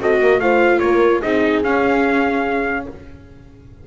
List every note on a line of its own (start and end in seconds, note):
0.00 0.20 C4
0.00 0.41 F#4
0.00 0.21 A4
0.00 0.40 D#5
0.20 0.39 A#3
0.20 0.42 A#4
0.39 0.80 A3
0.39 1.23 F4
0.39 0.83 C5
0.39 0.79 F5
0.79 1.22 A#3
0.79 1.22 A#4
0.79 1.20 C#5
1.22 1.64 C4
1.22 1.64 D#4
1.22 2.87 G#4
1.22 1.63 D#5
1.64 2.87 C#4
1.64 2.87 F5